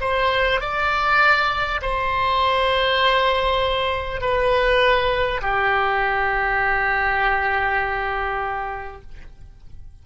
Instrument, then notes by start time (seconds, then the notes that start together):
oboe
0.00 C5
0.61 D5
1.81 C5
4.21 B4
5.42 G4